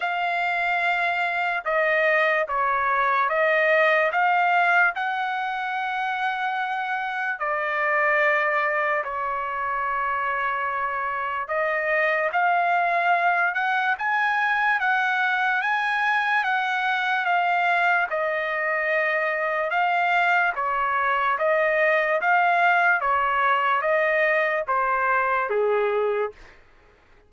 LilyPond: \new Staff \with { instrumentName = "trumpet" } { \time 4/4 \tempo 4 = 73 f''2 dis''4 cis''4 | dis''4 f''4 fis''2~ | fis''4 d''2 cis''4~ | cis''2 dis''4 f''4~ |
f''8 fis''8 gis''4 fis''4 gis''4 | fis''4 f''4 dis''2 | f''4 cis''4 dis''4 f''4 | cis''4 dis''4 c''4 gis'4 | }